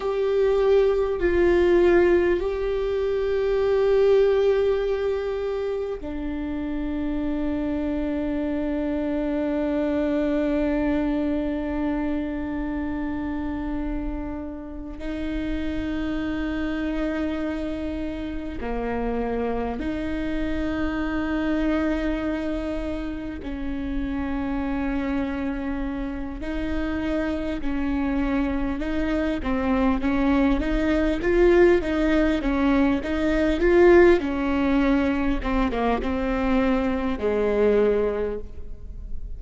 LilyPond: \new Staff \with { instrumentName = "viola" } { \time 4/4 \tempo 4 = 50 g'4 f'4 g'2~ | g'4 d'2.~ | d'1~ | d'8 dis'2. ais8~ |
ais8 dis'2. cis'8~ | cis'2 dis'4 cis'4 | dis'8 c'8 cis'8 dis'8 f'8 dis'8 cis'8 dis'8 | f'8 cis'4 c'16 ais16 c'4 gis4 | }